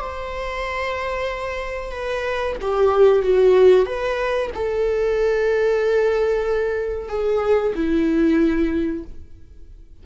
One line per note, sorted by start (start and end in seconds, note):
0.00 1.91 C5
1.91 2.56 B4
2.61 3.22 G4
3.22 3.86 F#4
3.86 4.50 B4
4.54 7.09 A4
7.09 7.73 G#4
7.75 9.04 E4